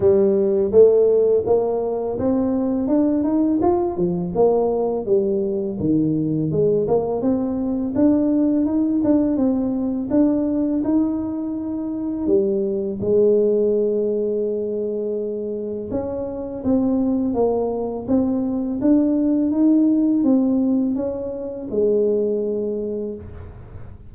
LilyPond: \new Staff \with { instrumentName = "tuba" } { \time 4/4 \tempo 4 = 83 g4 a4 ais4 c'4 | d'8 dis'8 f'8 f8 ais4 g4 | dis4 gis8 ais8 c'4 d'4 | dis'8 d'8 c'4 d'4 dis'4~ |
dis'4 g4 gis2~ | gis2 cis'4 c'4 | ais4 c'4 d'4 dis'4 | c'4 cis'4 gis2 | }